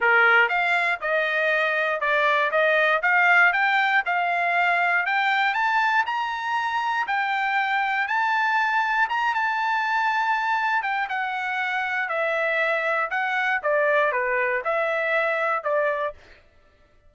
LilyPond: \new Staff \with { instrumentName = "trumpet" } { \time 4/4 \tempo 4 = 119 ais'4 f''4 dis''2 | d''4 dis''4 f''4 g''4 | f''2 g''4 a''4 | ais''2 g''2 |
a''2 ais''8 a''4.~ | a''4. g''8 fis''2 | e''2 fis''4 d''4 | b'4 e''2 d''4 | }